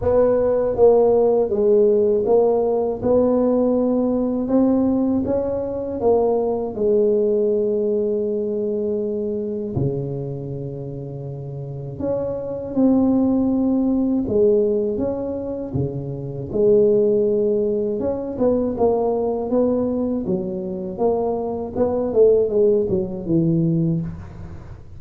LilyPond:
\new Staff \with { instrumentName = "tuba" } { \time 4/4 \tempo 4 = 80 b4 ais4 gis4 ais4 | b2 c'4 cis'4 | ais4 gis2.~ | gis4 cis2. |
cis'4 c'2 gis4 | cis'4 cis4 gis2 | cis'8 b8 ais4 b4 fis4 | ais4 b8 a8 gis8 fis8 e4 | }